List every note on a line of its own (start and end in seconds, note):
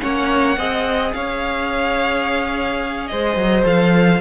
0.00 0.57 A#3
0.00 0.56 C#4
0.00 0.58 C#5
0.00 1.13 F#5
0.57 1.13 C4
0.57 3.63 G#4
0.57 1.14 D#5
1.13 3.11 C#4
1.13 3.11 C#5
1.13 3.07 F5
3.07 3.36 G#3
3.07 4.21 C5
3.07 3.63 D#5
3.36 3.64 F#3
3.63 4.21 F3
3.63 4.19 A4
3.63 4.21 F5